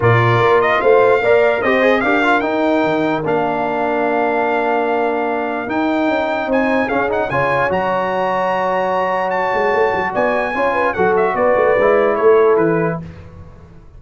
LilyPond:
<<
  \new Staff \with { instrumentName = "trumpet" } { \time 4/4 \tempo 4 = 148 d''4. dis''8 f''2 | dis''4 f''4 g''2 | f''1~ | f''2 g''2 |
gis''4 f''8 fis''8 gis''4 ais''4~ | ais''2. a''4~ | a''4 gis''2 fis''8 e''8 | d''2 cis''4 b'4 | }
  \new Staff \with { instrumentName = "horn" } { \time 4/4 ais'2 c''4 d''4 | c''4 ais'2.~ | ais'1~ | ais'1 |
c''4 gis'4 cis''2~ | cis''1~ | cis''4 d''4 cis''8 b'8 a'4 | b'2 a'2 | }
  \new Staff \with { instrumentName = "trombone" } { \time 4/4 f'2. ais'4 | g'8 gis'8 g'8 f'8 dis'2 | d'1~ | d'2 dis'2~ |
dis'4 cis'8 dis'8 f'4 fis'4~ | fis'1~ | fis'2 f'4 fis'4~ | fis'4 e'2. | }
  \new Staff \with { instrumentName = "tuba" } { \time 4/4 ais,4 ais4 a4 ais4 | c'4 d'4 dis'4 dis4 | ais1~ | ais2 dis'4 cis'4 |
c'4 cis'4 cis4 fis4~ | fis2.~ fis8 gis8 | a8 fis8 b4 cis'4 fis4 | b8 a8 gis4 a4 e4 | }
>>